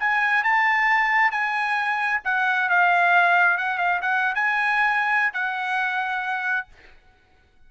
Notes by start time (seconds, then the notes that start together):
0.00 G#5
0.44 A5
1.31 G#5
2.25 F#5
2.69 F5
3.58 F#5
3.79 F5
4.02 F#5
4.35 G#5
5.34 F#5